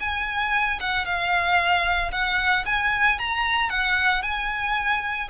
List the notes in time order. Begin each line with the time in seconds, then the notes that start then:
0.00 G#5
0.80 F#5
1.05 F5
2.11 F#5
2.65 G#5
3.19 A#5
3.70 F#5
4.22 G#5